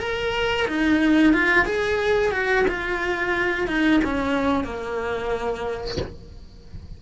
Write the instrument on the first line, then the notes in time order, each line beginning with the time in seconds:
cello
0.00 A#4
0.68 D#4
1.34 F4
1.66 G#4
2.32 F#4
2.68 F4
3.68 D#4
4.04 C#4
4.64 A#3